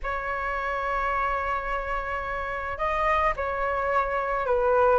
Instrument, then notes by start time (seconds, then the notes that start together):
flute
0.03 C#5
2.78 D#5
3.36 C#5
4.45 B4